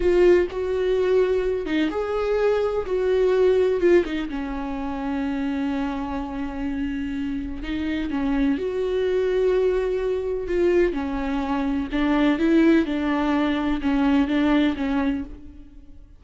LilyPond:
\new Staff \with { instrumentName = "viola" } { \time 4/4 \tempo 4 = 126 f'4 fis'2~ fis'8 dis'8 | gis'2 fis'2 | f'8 dis'8 cis'2.~ | cis'1 |
dis'4 cis'4 fis'2~ | fis'2 f'4 cis'4~ | cis'4 d'4 e'4 d'4~ | d'4 cis'4 d'4 cis'4 | }